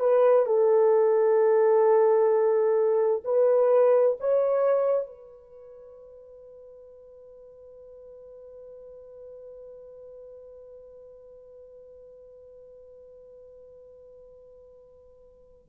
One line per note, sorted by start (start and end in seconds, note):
0.00 0.46 B4
0.46 3.23 A4
3.25 4.17 B4
4.20 5.07 C#5
5.07 15.69 B4